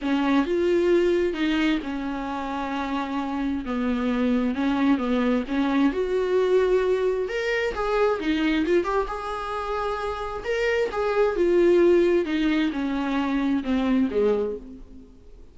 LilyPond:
\new Staff \with { instrumentName = "viola" } { \time 4/4 \tempo 4 = 132 cis'4 f'2 dis'4 | cis'1 | b2 cis'4 b4 | cis'4 fis'2. |
ais'4 gis'4 dis'4 f'8 g'8 | gis'2. ais'4 | gis'4 f'2 dis'4 | cis'2 c'4 gis4 | }